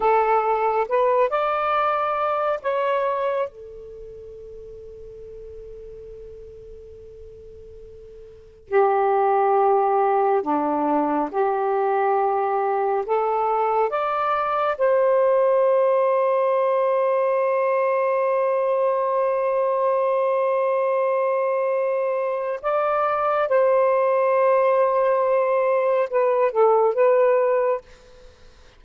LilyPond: \new Staff \with { instrumentName = "saxophone" } { \time 4/4 \tempo 4 = 69 a'4 b'8 d''4. cis''4 | a'1~ | a'2 g'2 | d'4 g'2 a'4 |
d''4 c''2.~ | c''1~ | c''2 d''4 c''4~ | c''2 b'8 a'8 b'4 | }